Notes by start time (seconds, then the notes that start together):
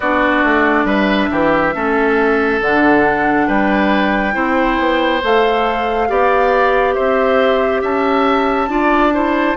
0.00 B3 D4 F#4 D5
0.43 A3
0.84 G3 B4 E5
1.30 E3 G4
1.74 A3 C#4 A4
2.60 D3 D4 F#5
3.47 G3 B4 G5
4.32 C4 E4 C5
4.78 B3
5.23 A3 A4 F5
6.08 B3 G4 D5
6.94 C4 C5 E5
7.81 C#4 E5 A5
8.68 D4 F4 D5
9.12 E4 C5